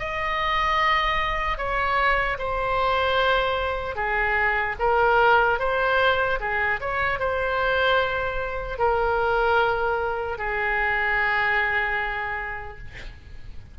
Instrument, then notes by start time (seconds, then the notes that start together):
oboe
0.00 D#5
1.58 C#5
2.39 C5
3.96 G#4
4.80 A#4
5.60 C5
6.41 G#4
6.81 C#5
7.20 C5
8.79 A#4
10.39 G#4